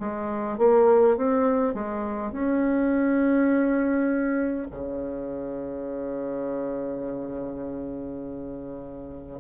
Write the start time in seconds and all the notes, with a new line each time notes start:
0.00 G#3
0.59 A#3
1.18 C4
1.74 G#3
2.33 C#4
4.71 C#3